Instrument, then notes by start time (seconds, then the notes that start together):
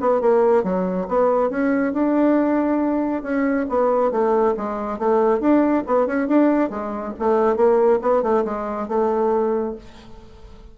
bassoon
0.00 B3
0.21 A#3
0.63 F#3
1.08 B3
1.49 C#4
1.93 D4
3.22 C#4
3.69 B3
4.11 A3
4.57 G#3
4.98 A3
5.40 D4
5.87 B3
6.06 C#4
6.27 D4
6.70 G#3
7.19 A3
7.56 A#3
8.02 B3
8.22 A3
8.44 G#3
8.88 A3